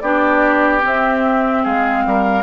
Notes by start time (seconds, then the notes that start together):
0.00 B3 D4 G4 D5
0.81 C4 E5
1.63 G#3 G#4 F5
2.06 G3 A#4